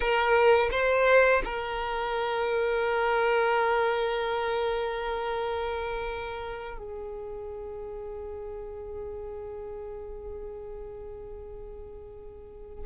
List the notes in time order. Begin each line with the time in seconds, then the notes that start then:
0.00 A#4
0.71 C5
1.44 A#4
6.78 G#4